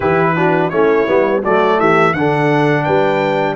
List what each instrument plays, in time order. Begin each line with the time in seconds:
0.00 tuba E3, trombone E4, horn G4, trumpet B4
0.36 trombone D4, horn F#4
0.69 tuba A3, trombone C#4, horn E4, trumpet C#5
1.06 tuba G3, trombone B3
1.41 tuba F#3, trombone A3, horn F#4, trumpet D5
1.79 tuba E3, horn G4, trumpet E5
2.13 tuba D3, trombone D4, horn A4, trumpet F#5
2.83 tuba G3, horn B4, trumpet G5